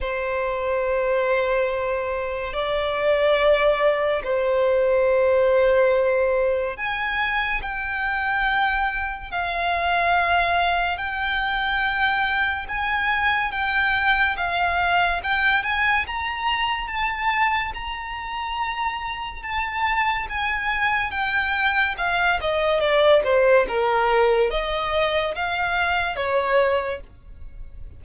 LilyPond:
\new Staff \with { instrumentName = "violin" } { \time 4/4 \tempo 4 = 71 c''2. d''4~ | d''4 c''2. | gis''4 g''2 f''4~ | f''4 g''2 gis''4 |
g''4 f''4 g''8 gis''8 ais''4 | a''4 ais''2 a''4 | gis''4 g''4 f''8 dis''8 d''8 c''8 | ais'4 dis''4 f''4 cis''4 | }